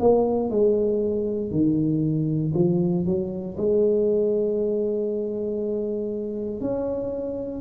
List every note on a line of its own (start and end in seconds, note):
0.00 0.50 A#3
0.50 1.52 G#3
1.52 2.53 D#3
2.55 3.06 F3
3.06 3.56 F#3
3.58 6.61 G#3
6.61 7.61 C#4